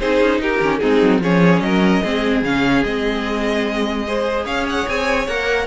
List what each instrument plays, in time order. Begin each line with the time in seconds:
0.00 cello C4, viola D#4, violin G#4 C5
0.21 cello C#4
0.39 cello D#4, violin G4 A#4
0.61 cello D#3, viola C#4
0.79 cello G#3, viola C4, violin D#4 G#4
1.02 cello F#3
1.20 cello F3, viola C#4, violin G#4 C#5
1.60 cello F#3, violin A#4 D#5
2.03 cello G#3, viola C4, violin G#4
2.42 cello C#3, viola C#4, violin F5
2.84 cello G#3, viola C4, violin D#5
4.07 viola G#4, violin C5
4.45 cello C#4, violin C#5 F5
4.69 violin F#5
4.88 cello C4, violin G#5
5.28 cello A#3, viola A#4, violin F#5